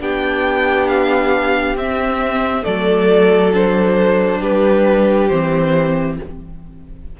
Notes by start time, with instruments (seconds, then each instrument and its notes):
0.00 cello B3, viola D4, violin G4 G5
0.88 violin F5
1.75 cello C4, viola C4, violin E5
2.63 cello F#3, viola A3, violin A4 D5
3.54 viola D4, violin C5
4.40 cello G3, violin G4 B4
5.28 cello E3, viola C4, violin C5